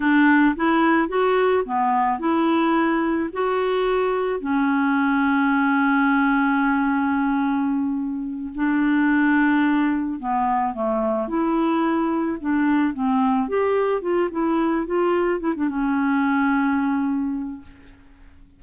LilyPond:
\new Staff \with { instrumentName = "clarinet" } { \time 4/4 \tempo 4 = 109 d'4 e'4 fis'4 b4 | e'2 fis'2 | cis'1~ | cis'2.~ cis'8 d'8~ |
d'2~ d'8 b4 a8~ | a8 e'2 d'4 c'8~ | c'8 g'4 f'8 e'4 f'4 | e'16 d'16 cis'2.~ cis'8 | }